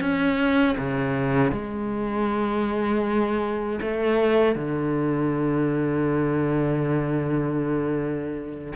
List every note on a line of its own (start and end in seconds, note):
0.00 0.76 C#4
0.78 1.51 C#3
1.51 3.79 G#3
3.81 4.55 A3
4.55 8.73 D3